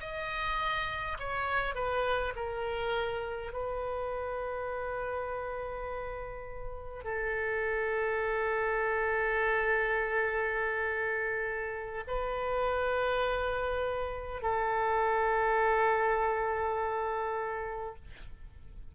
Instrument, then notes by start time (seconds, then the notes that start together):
oboe
0.00 D#5
1.19 C#5
1.75 B4
2.35 A#4
3.53 B4
7.04 A4
12.07 B4
14.42 A4